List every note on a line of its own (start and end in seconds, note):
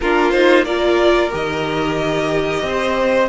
0.00 1.32 A#3
0.00 0.33 D4
0.00 0.65 F4
0.00 0.31 A#4
0.31 0.66 D#4
0.31 0.64 C5
0.65 1.30 F4
0.65 2.63 A#4
0.65 1.30 D5
1.30 2.62 D#3
1.30 3.27 G4
1.30 3.29 D#5
2.62 3.28 C4
2.62 3.29 C5